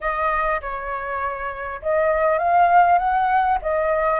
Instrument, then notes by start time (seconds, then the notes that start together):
flute
0.01 D#5
0.61 C#5
1.82 D#5
2.38 F5
2.98 F#5
3.62 D#5